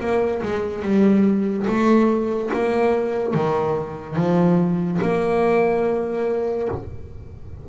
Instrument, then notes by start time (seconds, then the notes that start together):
double bass
0.00 A#3
0.42 G#3
0.83 G3
1.67 A3
2.53 A#3
3.34 D#3
4.16 F3
5.02 A#3